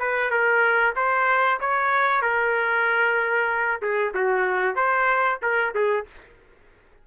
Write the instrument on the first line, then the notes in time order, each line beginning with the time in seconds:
trumpet
0.00 B4
0.31 A#4
0.96 C5
1.61 C#5
2.22 A#4
3.82 G#4
4.15 F#4
4.76 C5
5.43 A#4
5.75 G#4